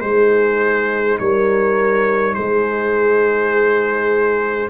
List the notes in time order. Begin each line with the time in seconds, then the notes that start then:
0.00 G#3 D#4 G#4 C5
1.19 G3 A#4 C#5
2.34 G#3 G#4 C5